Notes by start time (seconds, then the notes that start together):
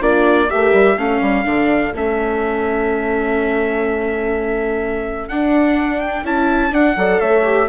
0.00 A#3 D4 F4 D5
0.49 A3 G4 A#4 E5
0.73 G3
0.97 A3 C#4 A4 F5
1.21 G3
1.44 D3 D4
1.93 A3 C#4 E5
5.28 D4 F#5
6.00 G5
6.23 C#4 E4 A5
6.71 D4 F#5
6.96 F#3 A4 D5
7.20 A3 C#5 E5
7.44 G4